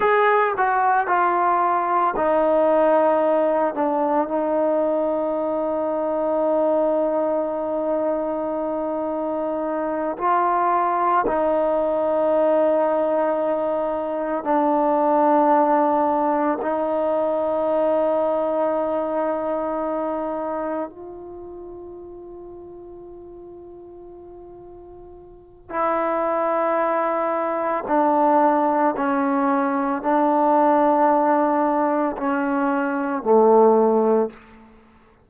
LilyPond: \new Staff \with { instrumentName = "trombone" } { \time 4/4 \tempo 4 = 56 gis'8 fis'8 f'4 dis'4. d'8 | dis'1~ | dis'4. f'4 dis'4.~ | dis'4. d'2 dis'8~ |
dis'2.~ dis'8 f'8~ | f'1 | e'2 d'4 cis'4 | d'2 cis'4 a4 | }